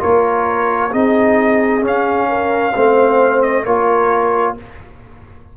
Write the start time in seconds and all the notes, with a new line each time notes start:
0.00 A#3 F4 A#4 C#5
0.91 C4 D#4 G#4 D#5
1.82 C#4 F5
2.29 A#4
2.75 A3 C4 C5
3.43 D#5
3.65 A#3 F4 A#4 C#5